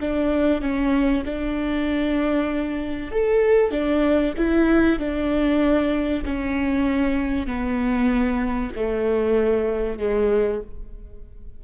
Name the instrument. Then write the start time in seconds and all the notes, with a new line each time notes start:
viola
0.00 D4
0.61 C#4
1.25 D4
3.11 A4
3.71 D4
4.37 E4
4.99 D4
6.24 C#4
7.46 B3
8.75 A3
9.98 G#3